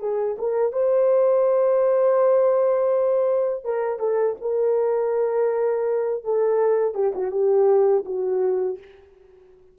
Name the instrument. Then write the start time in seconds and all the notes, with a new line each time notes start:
horn
0.00 G#4
0.39 A#4
0.73 C5
3.65 A#4
3.99 A4
4.41 A#4
6.24 A4
6.94 G4
7.15 F#4
7.31 G4
8.06 F#4